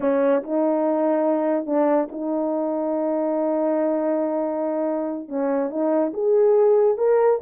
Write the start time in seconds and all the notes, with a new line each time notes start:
0.00 C#4
0.43 D#4
1.66 D4
2.11 D#4
5.28 C#4
5.70 D#4
6.13 G#4
6.97 A#4